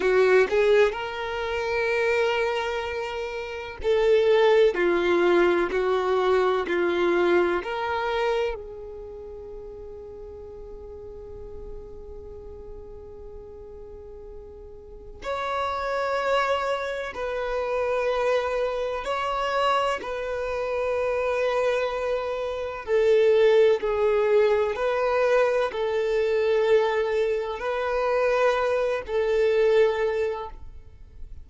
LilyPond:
\new Staff \with { instrumentName = "violin" } { \time 4/4 \tempo 4 = 63 fis'8 gis'8 ais'2. | a'4 f'4 fis'4 f'4 | ais'4 gis'2.~ | gis'1 |
cis''2 b'2 | cis''4 b'2. | a'4 gis'4 b'4 a'4~ | a'4 b'4. a'4. | }